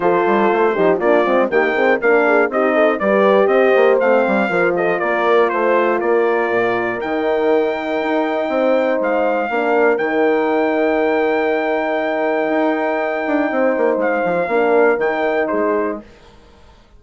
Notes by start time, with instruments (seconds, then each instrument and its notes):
0.00 bassoon F3, horn F4 A4, trumpet C5
0.26 bassoon G3
0.52 bassoon A3
0.75 bassoon F3, horn D#4 G4
0.97 bassoon A#3, horn D4 F4, trumpet D5
1.24 bassoon G#3, horn C4
1.49 bassoon D#3, horn A#3 G4, trumpet G5
1.74 horn C4 G#4
1.99 bassoon A#3, horn D4 A#4, trumpet F5
2.26 horn G#4
2.49 bassoon C4, horn D#4 G4, trumpet D#5
2.74 horn A4
2.99 bassoon G3, horn G4 B4, trumpet D5
3.46 bassoon C4, horn C5, trumpet D#5
3.76 bassoon A#3
4.00 bassoon A3, horn C4, trumpet F5
4.27 bassoon G3
4.49 bassoon F3, horn F4 A#4
4.75 horn A4, trumpet D#5
4.98 bassoon A#3, horn A#4, trumpet D5
5.49 bassoon A3, trumpet C5, horn C5
5.99 bassoon A#3, horn A#4, trumpet D5
6.50 bassoon A#2
7.00 bassoon D#3, horn D#4, trumpet G5
8.01 bassoon D#4
8.48 bassoon C4, horn C5
9.00 bassoon G#3, trumpet F5
9.49 bassoon A#3, horn D4 A#4
9.97 bassoon D#3, horn D#4, trumpet G5
12.49 bassoon D#4
13.27 bassoon D4
13.50 bassoon C4, horn C5
13.77 bassoon A#3
13.97 bassoon G#3, trumpet F5
14.25 bassoon F3
14.47 bassoon A#3, horn D4 A#4
14.97 bassoon D#3, horn D#4, trumpet G5
15.47 bassoon G#3, horn G#4, trumpet C5